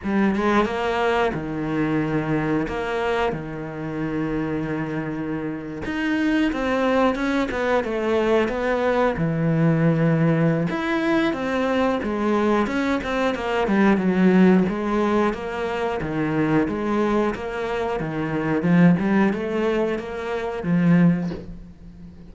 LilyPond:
\new Staff \with { instrumentName = "cello" } { \time 4/4 \tempo 4 = 90 g8 gis8 ais4 dis2 | ais4 dis2.~ | dis8. dis'4 c'4 cis'8 b8 a16~ | a8. b4 e2~ e16 |
e'4 c'4 gis4 cis'8 c'8 | ais8 g8 fis4 gis4 ais4 | dis4 gis4 ais4 dis4 | f8 g8 a4 ais4 f4 | }